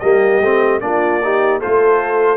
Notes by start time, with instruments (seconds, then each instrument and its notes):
0.00 tuba G3, trombone A#3, horn G4, trumpet D#5
0.41 tuba A3, trombone C4
0.81 tuba A#3, trombone D4, horn F4, trumpet D5
1.24 trombone D#4, horn G4
1.60 tuba A3, trombone F4, horn A4, trumpet C5